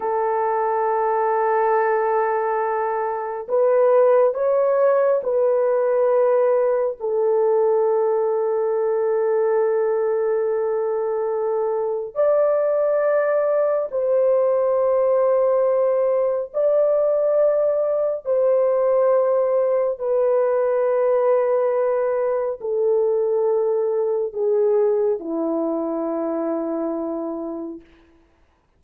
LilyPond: \new Staff \with { instrumentName = "horn" } { \time 4/4 \tempo 4 = 69 a'1 | b'4 cis''4 b'2 | a'1~ | a'2 d''2 |
c''2. d''4~ | d''4 c''2 b'4~ | b'2 a'2 | gis'4 e'2. | }